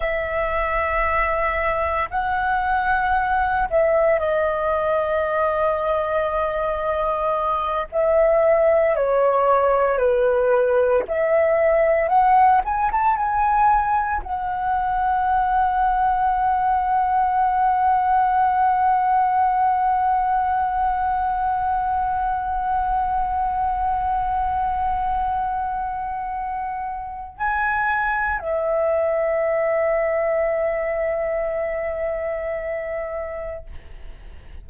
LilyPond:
\new Staff \with { instrumentName = "flute" } { \time 4/4 \tempo 4 = 57 e''2 fis''4. e''8 | dis''2.~ dis''8 e''8~ | e''8 cis''4 b'4 e''4 fis''8 | gis''16 a''16 gis''4 fis''2~ fis''8~ |
fis''1~ | fis''1~ | fis''2 gis''4 e''4~ | e''1 | }